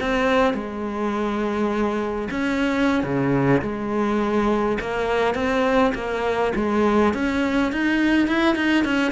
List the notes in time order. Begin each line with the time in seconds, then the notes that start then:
0.00 C4
0.54 G#3
2.31 C#4
3.03 C#3
3.62 G#3
4.80 A#3
5.35 C4
5.94 A#3
6.55 G#3
7.14 C#4
7.72 D#4
8.27 E4
8.55 D#4
8.84 C#4